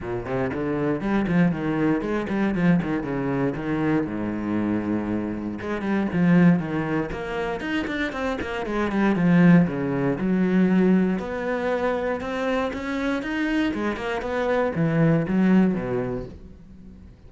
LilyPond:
\new Staff \with { instrumentName = "cello" } { \time 4/4 \tempo 4 = 118 ais,8 c8 d4 g8 f8 dis4 | gis8 g8 f8 dis8 cis4 dis4 | gis,2. gis8 g8 | f4 dis4 ais4 dis'8 d'8 |
c'8 ais8 gis8 g8 f4 cis4 | fis2 b2 | c'4 cis'4 dis'4 gis8 ais8 | b4 e4 fis4 b,4 | }